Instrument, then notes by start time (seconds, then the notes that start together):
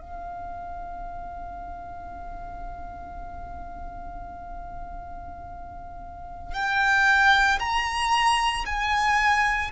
violin
0.00 F5
6.54 G5
7.60 A#5
8.66 G#5